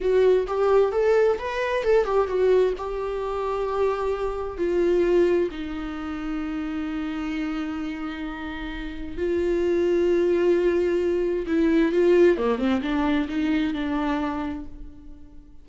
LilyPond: \new Staff \with { instrumentName = "viola" } { \time 4/4 \tempo 4 = 131 fis'4 g'4 a'4 b'4 | a'8 g'8 fis'4 g'2~ | g'2 f'2 | dis'1~ |
dis'1 | f'1~ | f'4 e'4 f'4 ais8 c'8 | d'4 dis'4 d'2 | }